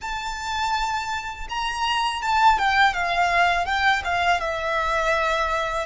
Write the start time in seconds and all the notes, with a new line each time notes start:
0.01 A5
1.49 A#5
2.22 A5
2.58 G5
2.93 F5
3.66 G5
4.04 F5
4.40 E5